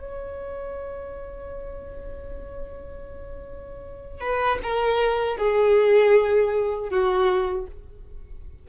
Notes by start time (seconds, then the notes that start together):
0.00 C#5
4.20 B4
4.63 A#4
5.37 G#4
6.90 F#4